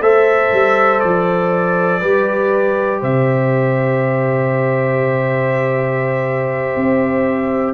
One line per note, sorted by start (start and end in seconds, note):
0.00 0.50 A3
0.00 2.01 A4
0.00 2.00 C5
0.00 1.00 E5
0.52 1.02 G3
1.00 2.02 F3
1.00 3.00 D5
2.00 3.02 G3
2.00 7.73 G4
2.00 3.00 B4
3.00 6.76 C3
3.00 7.73 C5
3.00 7.73 E5
6.76 7.73 C4